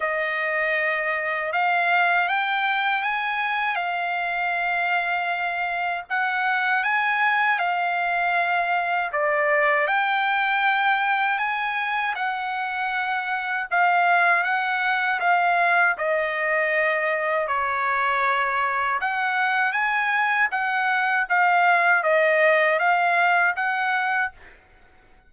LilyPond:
\new Staff \with { instrumentName = "trumpet" } { \time 4/4 \tempo 4 = 79 dis''2 f''4 g''4 | gis''4 f''2. | fis''4 gis''4 f''2 | d''4 g''2 gis''4 |
fis''2 f''4 fis''4 | f''4 dis''2 cis''4~ | cis''4 fis''4 gis''4 fis''4 | f''4 dis''4 f''4 fis''4 | }